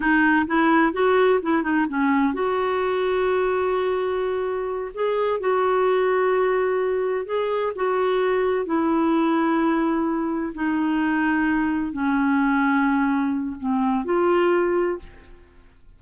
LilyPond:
\new Staff \with { instrumentName = "clarinet" } { \time 4/4 \tempo 4 = 128 dis'4 e'4 fis'4 e'8 dis'8 | cis'4 fis'2.~ | fis'2~ fis'8 gis'4 fis'8~ | fis'2.~ fis'8 gis'8~ |
gis'8 fis'2 e'4.~ | e'2~ e'8 dis'4.~ | dis'4. cis'2~ cis'8~ | cis'4 c'4 f'2 | }